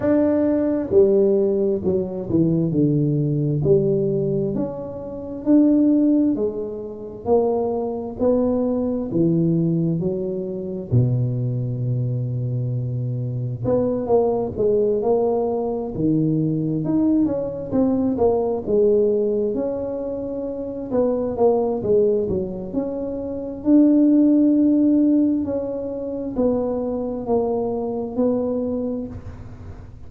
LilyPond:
\new Staff \with { instrumentName = "tuba" } { \time 4/4 \tempo 4 = 66 d'4 g4 fis8 e8 d4 | g4 cis'4 d'4 gis4 | ais4 b4 e4 fis4 | b,2. b8 ais8 |
gis8 ais4 dis4 dis'8 cis'8 c'8 | ais8 gis4 cis'4. b8 ais8 | gis8 fis8 cis'4 d'2 | cis'4 b4 ais4 b4 | }